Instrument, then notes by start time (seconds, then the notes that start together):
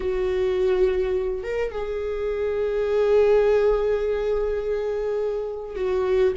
viola
0.00 F#4
1.43 A#4
1.72 G#4
5.75 F#4